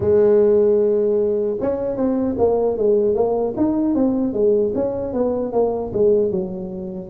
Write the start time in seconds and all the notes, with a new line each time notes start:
0.00 G#3
1.60 C#4
1.96 C4
2.38 A#3
2.77 G#3
3.14 A#3
3.56 D#4
3.95 C4
4.33 G#3
4.74 C#4
5.13 B3
5.52 A#3
5.93 G#3
6.31 F#3